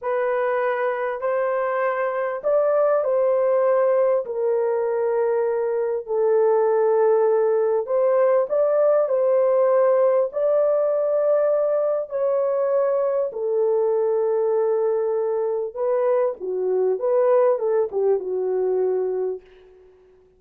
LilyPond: \new Staff \with { instrumentName = "horn" } { \time 4/4 \tempo 4 = 99 b'2 c''2 | d''4 c''2 ais'4~ | ais'2 a'2~ | a'4 c''4 d''4 c''4~ |
c''4 d''2. | cis''2 a'2~ | a'2 b'4 fis'4 | b'4 a'8 g'8 fis'2 | }